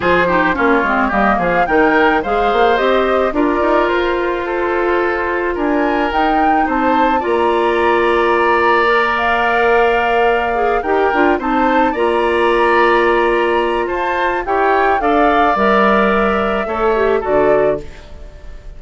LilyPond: <<
  \new Staff \with { instrumentName = "flute" } { \time 4/4 \tempo 4 = 108 c''4 cis''4 dis''8 f''8 g''4 | f''4 dis''4 d''4 c''4~ | c''2 gis''4 g''4 | a''4 ais''2.~ |
ais''8 f''2. g''8~ | g''8 a''4 ais''2~ ais''8~ | ais''4 a''4 g''4 f''4 | e''2. d''4 | }
  \new Staff \with { instrumentName = "oboe" } { \time 4/4 gis'8 g'8 f'4 g'8 gis'8 ais'4 | c''2 ais'2 | a'2 ais'2 | c''4 d''2.~ |
d''2.~ d''8 ais'8~ | ais'8 c''4 d''2~ d''8~ | d''4 c''4 cis''4 d''4~ | d''2 cis''4 a'4 | }
  \new Staff \with { instrumentName = "clarinet" } { \time 4/4 f'8 dis'8 cis'8 c'8 ais4 dis'4 | gis'4 g'4 f'2~ | f'2. dis'4~ | dis'4 f'2. |
ais'2. gis'8 g'8 | f'8 dis'4 f'2~ f'8~ | f'2 g'4 a'4 | ais'2 a'8 g'8 fis'4 | }
  \new Staff \with { instrumentName = "bassoon" } { \time 4/4 f4 ais8 gis8 g8 f8 dis4 | gis8 ais8 c'4 d'8 dis'8 f'4~ | f'2 d'4 dis'4 | c'4 ais2.~ |
ais2.~ ais8 dis'8 | d'8 c'4 ais2~ ais8~ | ais4 f'4 e'4 d'4 | g2 a4 d4 | }
>>